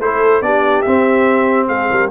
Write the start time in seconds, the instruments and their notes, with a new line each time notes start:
0.00 tuba A3, trombone E4, horn A4, trumpet C5
0.42 tuba B3, trombone D4, horn G4, trumpet D5
0.82 trombone C4, tuba C4, trumpet E5
1.68 tuba G#3, horn G#4, trumpet F5
1.91 tuba G3, horn A#4